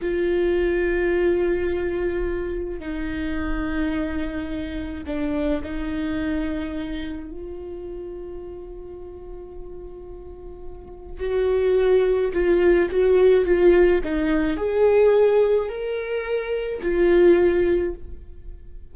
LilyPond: \new Staff \with { instrumentName = "viola" } { \time 4/4 \tempo 4 = 107 f'1~ | f'4 dis'2.~ | dis'4 d'4 dis'2~ | dis'4 f'2.~ |
f'1 | fis'2 f'4 fis'4 | f'4 dis'4 gis'2 | ais'2 f'2 | }